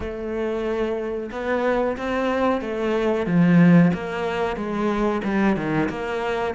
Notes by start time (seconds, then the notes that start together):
0.00 A3
1.31 B3
1.97 C4
2.61 A3
3.26 F3
3.93 A#3
4.56 G#3
5.24 G3
5.56 D#3
5.89 A#3